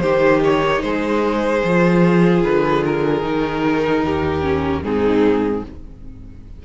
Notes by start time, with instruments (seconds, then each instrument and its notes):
0.00 cello D#3, viola D#4, violin G4 C5
0.44 violin C#5
0.81 cello G#3, violin G#4 C5
1.64 cello F3, viola F4
2.43 cello D3, violin B4
2.85 violin A#4
3.22 cello D#3, viola D#4
4.03 cello D#2, violin G4
4.42 viola C#4
4.82 cello G#2, viola C4, violin D#4 G#4